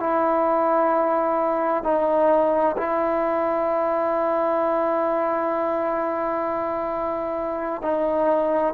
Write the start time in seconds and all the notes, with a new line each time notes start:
0.00 E4
1.84 D#4
2.78 E4
7.83 D#4